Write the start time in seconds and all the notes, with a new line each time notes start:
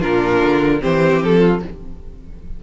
0.00 A#2 D4 F4 A#4
0.41 D3
0.80 E3 C4 G4 C5
1.22 F3 A4
1.39 F4